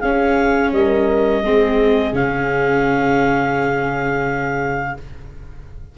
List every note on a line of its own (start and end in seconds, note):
0.00 0.72 C#4
0.00 1.44 C#4
0.00 0.72 G#4
0.00 0.71 F5
0.72 1.43 G3
0.72 1.44 A#4
0.72 2.14 D#5
1.43 2.12 G#3
1.43 2.13 C4
1.43 4.97 G#4
2.12 4.95 C#3
2.12 4.96 C#4
2.12 4.97 F5